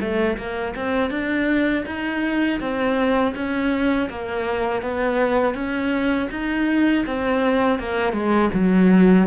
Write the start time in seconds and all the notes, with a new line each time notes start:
0.00 A3
0.37 A#3
0.75 C4
1.10 D4
1.86 D#4
2.60 C4
3.35 C#4
4.09 A#3
4.82 B3
5.54 C#4
6.30 D#4
7.06 C4
7.79 A#3
8.12 G#3
8.53 F#3